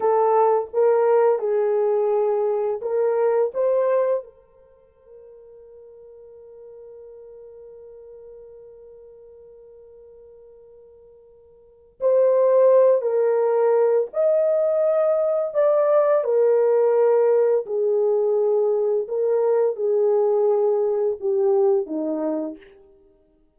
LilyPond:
\new Staff \with { instrumentName = "horn" } { \time 4/4 \tempo 4 = 85 a'4 ais'4 gis'2 | ais'4 c''4 ais'2~ | ais'1~ | ais'1~ |
ais'4 c''4. ais'4. | dis''2 d''4 ais'4~ | ais'4 gis'2 ais'4 | gis'2 g'4 dis'4 | }